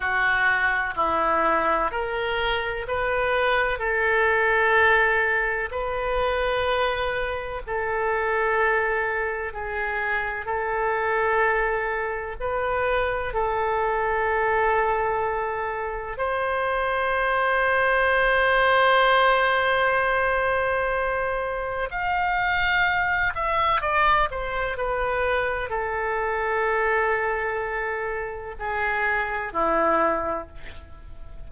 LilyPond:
\new Staff \with { instrumentName = "oboe" } { \time 4/4 \tempo 4 = 63 fis'4 e'4 ais'4 b'4 | a'2 b'2 | a'2 gis'4 a'4~ | a'4 b'4 a'2~ |
a'4 c''2.~ | c''2. f''4~ | f''8 e''8 d''8 c''8 b'4 a'4~ | a'2 gis'4 e'4 | }